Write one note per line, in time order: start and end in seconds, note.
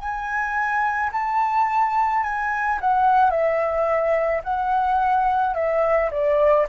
0.00 1.11 G#5
1.13 2.24 A5
2.24 2.79 G#5
2.81 3.31 F#5
3.31 4.42 E5
4.44 5.55 F#5
5.55 6.11 E5
6.12 6.67 D5